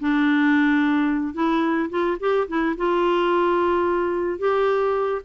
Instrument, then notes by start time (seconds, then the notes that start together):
clarinet
0.00 D4
1.34 E4
1.90 F4
2.20 G4
2.48 E4
2.77 F4
4.39 G4